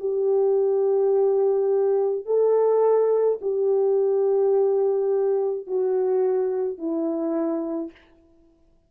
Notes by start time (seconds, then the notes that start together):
0.00 G4
2.26 A4
3.42 G4
5.67 F#4
6.78 E4